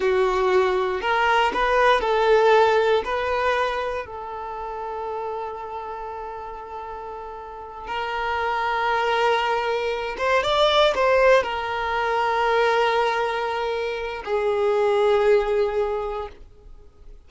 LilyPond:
\new Staff \with { instrumentName = "violin" } { \time 4/4 \tempo 4 = 118 fis'2 ais'4 b'4 | a'2 b'2 | a'1~ | a'2.~ a'8 ais'8~ |
ais'1 | c''8 d''4 c''4 ais'4.~ | ais'1 | gis'1 | }